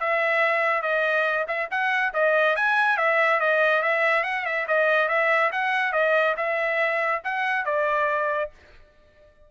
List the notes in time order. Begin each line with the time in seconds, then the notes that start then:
0.00 E5
0.82 D#5
1.48 E5
1.71 F#5
2.14 D#5
2.56 G#5
2.97 E5
3.40 D#5
3.82 E5
4.24 F#5
4.45 E5
4.68 D#5
5.08 E5
5.52 F#5
5.92 D#5
6.37 E5
7.24 F#5
7.65 D5